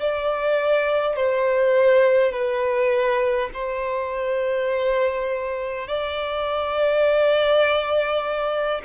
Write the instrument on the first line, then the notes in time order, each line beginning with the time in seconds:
violin
0.00 D5
1.16 C5
2.32 B4
3.54 C5
5.88 D5